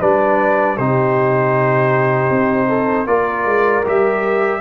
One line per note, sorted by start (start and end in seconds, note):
0.00 0.78 G3
0.00 0.77 D4
0.00 0.77 B4
0.00 0.77 D5
0.77 2.31 C3
0.77 3.07 D#4
0.77 2.69 G4
0.77 3.07 C5
2.31 3.07 C4
2.69 3.07 A4
3.07 3.46 A#3
3.07 3.84 F4
3.07 4.61 A#4
3.07 3.84 D5
3.46 3.84 G#3
3.85 4.61 G3
3.85 4.61 G4
3.85 4.61 E5